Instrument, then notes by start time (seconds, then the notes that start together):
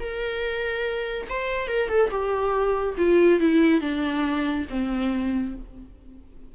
viola
0.00 A#4
1.30 C5
1.68 A#4
1.89 A4
2.11 G4
2.98 F4
3.41 E4
3.81 D4
4.70 C4